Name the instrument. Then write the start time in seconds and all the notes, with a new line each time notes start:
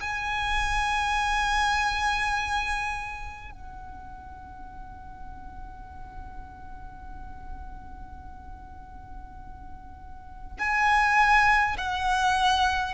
violin
0.00 G#5
3.52 F#5
10.59 G#5
11.78 F#5